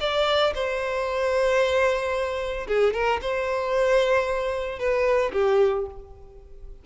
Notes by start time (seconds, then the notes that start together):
0.00 D5
0.55 C5
2.67 G#4
2.93 A#4
3.21 C5
4.79 B4
5.33 G4